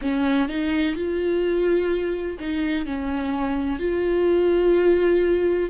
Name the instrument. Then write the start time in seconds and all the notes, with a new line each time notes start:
viola
0.01 C#4
0.48 D#4
0.95 F4
2.39 D#4
2.85 C#4
3.79 F4